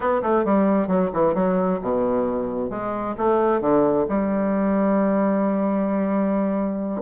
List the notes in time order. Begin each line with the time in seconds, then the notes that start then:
0.00 B3
0.22 A3
0.44 G3
0.87 F#3
1.13 E3
1.34 F#3
1.81 B2
2.70 G#3
3.17 A3
3.60 D3
4.08 G3